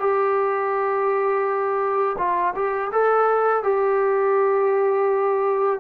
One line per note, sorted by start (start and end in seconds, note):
0.00 2.17 G4
2.19 2.55 F4
2.56 2.92 G4
2.92 3.63 A4
3.63 5.80 G4